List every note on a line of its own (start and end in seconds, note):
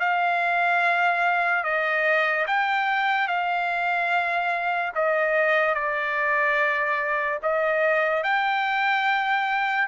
0.00 1.64 F5
1.64 2.46 D#5
2.47 3.28 G5
3.28 4.92 F5
4.95 5.75 D#5
5.75 7.39 D5
7.43 8.23 D#5
8.23 9.88 G5